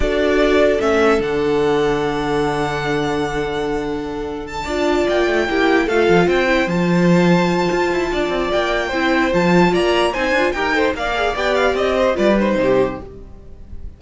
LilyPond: <<
  \new Staff \with { instrumentName = "violin" } { \time 4/4 \tempo 4 = 148 d''2 e''4 fis''4~ | fis''1~ | fis''2. a''4~ | a''8 g''2 f''4 g''8~ |
g''8 a''2.~ a''8~ | a''4 g''2 a''4 | ais''4 gis''4 g''4 f''4 | g''8 f''8 dis''4 d''8 c''4. | }
  \new Staff \with { instrumentName = "violin" } { \time 4/4 a'1~ | a'1~ | a'2.~ a'8 d''8~ | d''4. g'4 a'4 c''8~ |
c''1 | d''2 c''2 | d''4 c''4 ais'8 c''8 d''4~ | d''4. c''8 b'4 g'4 | }
  \new Staff \with { instrumentName = "viola" } { \time 4/4 fis'2 cis'4 d'4~ | d'1~ | d'2.~ d'8 f'8~ | f'4. e'4 f'4. |
e'8 f'2.~ f'8~ | f'2 e'4 f'4~ | f'4 dis'8 f'8 g'8 a'8 ais'8 gis'8 | g'2 f'8 dis'4. | }
  \new Staff \with { instrumentName = "cello" } { \time 4/4 d'2 a4 d4~ | d1~ | d2.~ d8 d'8~ | d'8 ais8 a8 ais4 a8 f8 c'8~ |
c'8 f2~ f8 f'8 e'8 | d'8 c'8 ais4 c'4 f4 | ais4 c'8 d'8 dis'4 ais4 | b4 c'4 g4 c4 | }
>>